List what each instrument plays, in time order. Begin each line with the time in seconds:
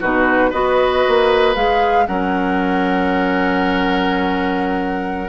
0.00 bassoon B2, clarinet D#4, oboe F#4, flute B4
0.50 bassoon B3, clarinet F#4, oboe B4, flute D#5
1.08 bassoon A#3
1.54 bassoon G#3, clarinet G#4, flute F5
2.06 bassoon F#3, clarinet C#4, oboe A#4, flute F#5